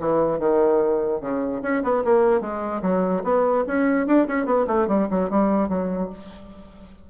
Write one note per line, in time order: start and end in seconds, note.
0.00 0.40 E3
0.40 1.21 D#3
1.21 1.62 C#3
1.63 1.83 C#4
1.83 2.04 B3
2.05 2.41 A#3
2.41 2.82 G#3
2.82 3.23 F#3
3.24 3.65 B3
3.67 4.07 C#4
4.07 4.27 D4
4.28 4.46 C#4
4.46 4.66 B3
4.68 4.88 A3
4.88 5.08 G3
5.11 5.30 F#3
5.30 5.69 G3
5.69 6.10 F#3